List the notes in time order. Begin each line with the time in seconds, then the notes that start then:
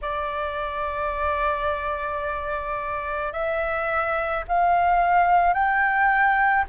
0.01 D5
3.32 E5
4.47 F5
5.53 G5